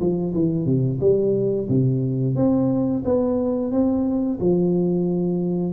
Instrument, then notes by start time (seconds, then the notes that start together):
tuba
0.00 F3
0.34 E3
0.66 C3
1.01 G3
1.69 C3
2.36 C4
3.05 B3
3.71 C4
4.40 F3